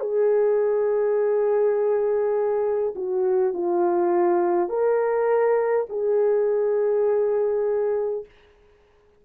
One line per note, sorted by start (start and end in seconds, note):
0.00 2.94 G#4
2.95 3.53 F#4
3.53 4.69 F4
4.69 5.87 A#4
5.89 8.25 G#4